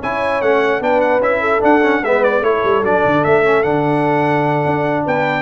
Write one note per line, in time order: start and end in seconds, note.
0.00 0.42 C#4
0.00 0.44 E4
0.00 0.81 C#5
0.00 0.42 G#5
0.42 0.81 A3
0.42 0.81 C#4
0.42 0.82 F#5
0.81 1.20 B3
0.81 1.21 D4
0.81 1.41 B4
0.81 1.01 G5
1.01 1.22 F#5
1.20 1.60 C#4
1.20 1.61 E4
1.20 1.63 E5
1.41 2.02 A4
1.61 1.81 D4
1.61 2.03 D4
1.61 2.04 F#5
1.83 2.03 C#4
2.03 2.42 G#3
2.03 2.43 B3
2.03 2.43 B4
2.03 2.24 E5
2.24 2.44 D5
2.42 2.62 A3
2.42 2.83 E4
2.42 5.05 A4
2.42 2.84 C#5
2.65 2.83 G3
2.83 3.03 F#3
2.83 3.44 D4
2.83 3.25 D5
3.06 3.26 D3
3.25 3.65 A3
3.25 3.63 E5
3.44 3.64 C#4
3.63 4.66 D3
3.63 5.42 D4
3.63 5.04 F#5
4.66 5.06 D4
5.05 5.42 B3
5.05 5.42 B4
5.05 5.42 G5